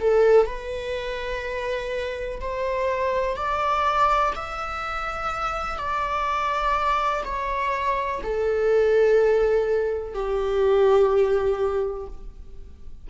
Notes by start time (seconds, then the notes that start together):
0.00 A4
0.46 B4
2.40 C5
3.36 D5
4.35 E5
5.78 D5
7.24 C#5
8.22 A4
10.13 G4